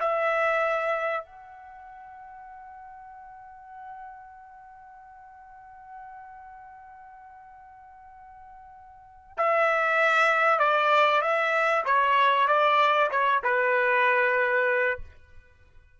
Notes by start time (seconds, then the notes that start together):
0.00 E5
1.25 F#5
9.37 E5
10.59 D5
11.22 E5
11.85 C#5
12.47 D5
13.11 C#5
13.43 B4